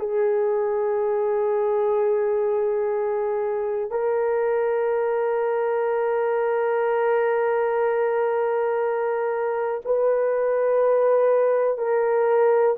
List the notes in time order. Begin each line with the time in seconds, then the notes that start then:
0.00 G#4
3.91 A#4
9.86 B4
11.79 A#4